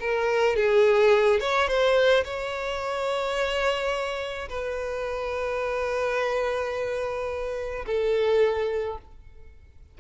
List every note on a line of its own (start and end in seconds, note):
0.00 0.56 A#4
0.56 1.40 G#4
1.40 1.67 C#5
1.67 2.24 C5
2.24 4.48 C#5
4.49 7.85 B4
7.86 8.98 A4